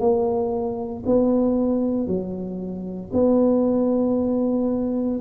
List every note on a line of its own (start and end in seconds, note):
0.00 1.03 A#3
1.06 2.07 B3
2.07 3.11 F#3
3.13 5.20 B3